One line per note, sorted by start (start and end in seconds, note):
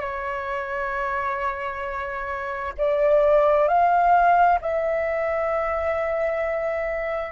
0.00 2.73 C#5
2.77 3.67 D5
3.67 4.58 F5
4.61 7.32 E5